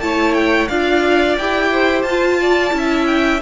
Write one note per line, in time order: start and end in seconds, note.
0.00 0.68 A3
0.00 0.69 E4
0.00 0.69 C#5
0.00 0.34 A5
0.34 0.68 G5
0.68 1.38 D4
0.68 1.38 F4
0.68 1.71 D5
0.68 1.36 F5
1.38 2.03 E4
1.38 2.08 G4
1.38 2.03 G5
1.72 2.40 C5
2.03 2.72 F4
2.03 3.05 A5
2.09 2.71 F4
2.41 2.76 D5
2.71 3.41 C#4
2.71 3.39 E4
2.77 3.42 E5
3.06 3.40 G5